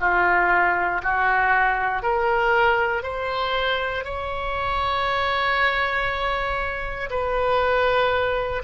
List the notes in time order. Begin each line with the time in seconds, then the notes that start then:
0.00 F4
1.03 F#4
2.02 A#4
3.03 C5
4.04 C#5
7.10 B4